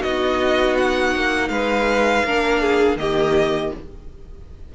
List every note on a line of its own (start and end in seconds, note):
0.00 1.16 B3
0.00 2.26 D#4
0.00 1.48 F#4
0.00 0.77 D#5
0.78 1.49 F#5
1.16 1.50 A#3
1.49 2.24 G#3
1.49 2.26 B4
1.49 2.97 F5
2.25 2.97 A#3
2.25 2.99 D4
2.25 2.62 A#4
2.62 2.99 G#4
2.97 3.71 D#3
2.97 3.73 A#3
2.97 3.75 G4
2.97 3.73 D#5